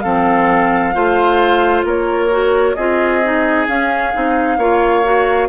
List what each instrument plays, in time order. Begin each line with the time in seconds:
0.00 bassoon F3, clarinet C4, oboe A4, flute F5
0.93 bassoon A3, clarinet F4, oboe C5
1.84 bassoon A#3, oboe A#4, flute C#5
2.30 clarinet F#4
2.74 bassoon C4, clarinet F4, oboe G#4, flute D#5
3.23 clarinet D#4
3.67 clarinet C#4, bassoon C#4, flute F5
4.13 bassoon C4, clarinet D#4
4.57 bassoon A#3, clarinet F4, oboe C#5
5.03 clarinet F#4